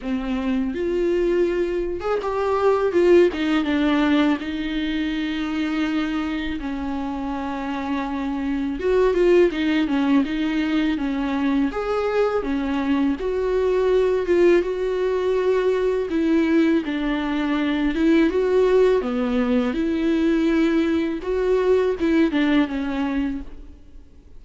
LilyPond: \new Staff \with { instrumentName = "viola" } { \time 4/4 \tempo 4 = 82 c'4 f'4.~ f'16 gis'16 g'4 | f'8 dis'8 d'4 dis'2~ | dis'4 cis'2. | fis'8 f'8 dis'8 cis'8 dis'4 cis'4 |
gis'4 cis'4 fis'4. f'8 | fis'2 e'4 d'4~ | d'8 e'8 fis'4 b4 e'4~ | e'4 fis'4 e'8 d'8 cis'4 | }